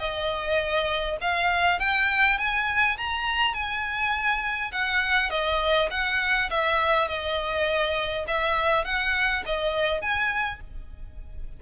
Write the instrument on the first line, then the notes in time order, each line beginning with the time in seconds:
violin
0.00 D#5
1.22 F5
1.80 G5
2.39 G#5
2.98 A#5
3.54 G#5
4.72 F#5
5.31 D#5
5.91 F#5
6.51 E5
7.08 D#5
8.28 E5
8.85 F#5
9.46 D#5
10.02 G#5